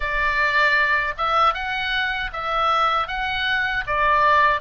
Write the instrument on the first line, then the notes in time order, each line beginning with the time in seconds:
oboe
0.00 D5
1.17 E5
1.53 F#5
2.32 E5
3.07 F#5
3.87 D5